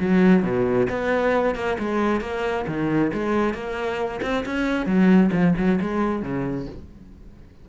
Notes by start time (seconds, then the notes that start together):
0.00 F#3
0.43 B2
0.90 B3
1.55 A#3
1.79 G#3
2.21 A#3
2.67 D#3
3.13 G#3
3.54 A#3
4.22 C4
4.45 C#4
4.86 F#3
5.32 F3
5.57 F#3
5.81 G#3
6.22 C#3